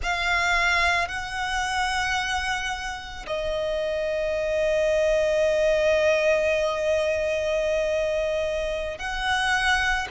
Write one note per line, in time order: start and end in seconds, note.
0.02 1.08 F5
1.08 3.26 F#5
3.27 8.98 D#5
8.98 10.07 F#5